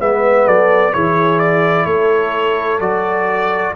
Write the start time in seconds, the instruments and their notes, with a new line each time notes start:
0.00 tuba G#3, trombone B3, horn B4, trumpet E5
0.46 tuba F#3, horn A4, trumpet D5
0.94 tuba E3, trombone E4, horn G#4, trumpet C#5
1.39 trumpet D5
1.86 tuba A3, horn A4, trumpet C#5
2.80 tuba F#3, trombone F#4, trumpet D5